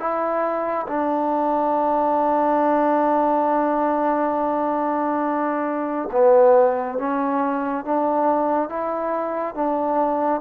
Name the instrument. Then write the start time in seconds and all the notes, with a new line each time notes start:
trombone
0.00 E4
0.88 D4
6.12 B3
6.98 C#4
7.85 D4
8.70 E4
9.55 D4